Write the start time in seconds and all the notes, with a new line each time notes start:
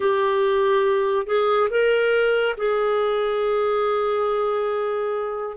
0.00 G4
1.26 G#4
1.69 A#4
2.57 G#4